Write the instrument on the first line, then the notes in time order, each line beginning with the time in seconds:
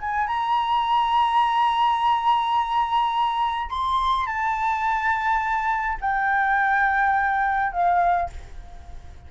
flute
0.00 G#5
0.27 A#5
3.70 C6
4.27 A5
6.01 G5
7.73 F5